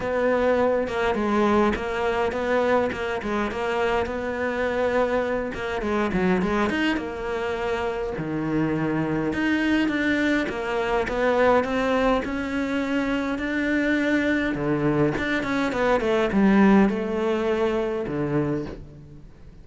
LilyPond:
\new Staff \with { instrumentName = "cello" } { \time 4/4 \tempo 4 = 103 b4. ais8 gis4 ais4 | b4 ais8 gis8 ais4 b4~ | b4. ais8 gis8 fis8 gis8 dis'8 | ais2 dis2 |
dis'4 d'4 ais4 b4 | c'4 cis'2 d'4~ | d'4 d4 d'8 cis'8 b8 a8 | g4 a2 d4 | }